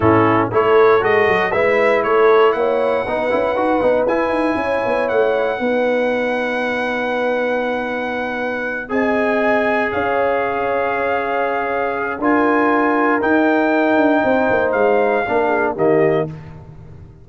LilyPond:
<<
  \new Staff \with { instrumentName = "trumpet" } { \time 4/4 \tempo 4 = 118 a'4 cis''4 dis''4 e''4 | cis''4 fis''2. | gis''2 fis''2~ | fis''1~ |
fis''4. gis''2 f''8~ | f''1 | gis''2 g''2~ | g''4 f''2 dis''4 | }
  \new Staff \with { instrumentName = "horn" } { \time 4/4 e'4 a'2 b'4 | a'4 cis''4 b'2~ | b'4 cis''2 b'4~ | b'1~ |
b'4. dis''2 cis''8~ | cis''1 | ais'1 | c''2 ais'8 gis'8 g'4 | }
  \new Staff \with { instrumentName = "trombone" } { \time 4/4 cis'4 e'4 fis'4 e'4~ | e'2 dis'8 e'8 fis'8 dis'8 | e'2. dis'4~ | dis'1~ |
dis'4. gis'2~ gis'8~ | gis'1 | f'2 dis'2~ | dis'2 d'4 ais4 | }
  \new Staff \with { instrumentName = "tuba" } { \time 4/4 a,4 a4 gis8 fis8 gis4 | a4 ais4 b8 cis'8 dis'8 b8 | e'8 dis'8 cis'8 b8 a4 b4~ | b1~ |
b4. c'2 cis'8~ | cis'1 | d'2 dis'4. d'8 | c'8 ais8 gis4 ais4 dis4 | }
>>